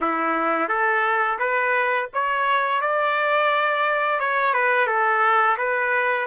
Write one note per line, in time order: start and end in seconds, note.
0.01 0.68 E4
0.68 1.38 A4
1.39 2.08 B4
2.13 2.81 C#5
2.81 4.19 D5
4.19 4.53 C#5
4.53 4.86 B4
4.86 5.56 A4
5.57 6.27 B4